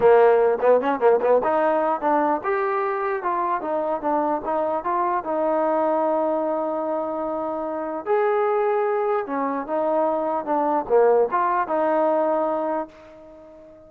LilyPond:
\new Staff \with { instrumentName = "trombone" } { \time 4/4 \tempo 4 = 149 ais4. b8 cis'8 ais8 b8 dis'8~ | dis'4 d'4 g'2 | f'4 dis'4 d'4 dis'4 | f'4 dis'2.~ |
dis'1 | gis'2. cis'4 | dis'2 d'4 ais4 | f'4 dis'2. | }